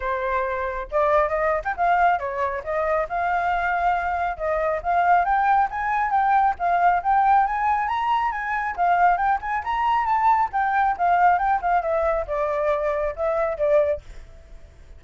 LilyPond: \new Staff \with { instrumentName = "flute" } { \time 4/4 \tempo 4 = 137 c''2 d''4 dis''8. g''16 | f''4 cis''4 dis''4 f''4~ | f''2 dis''4 f''4 | g''4 gis''4 g''4 f''4 |
g''4 gis''4 ais''4 gis''4 | f''4 g''8 gis''8 ais''4 a''4 | g''4 f''4 g''8 f''8 e''4 | d''2 e''4 d''4 | }